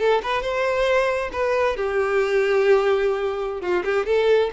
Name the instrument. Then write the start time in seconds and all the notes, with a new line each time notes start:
violin
0.00 A4
0.23 B4
0.42 C5
1.33 B4
1.77 G4
3.61 F4
3.85 G4
4.06 A4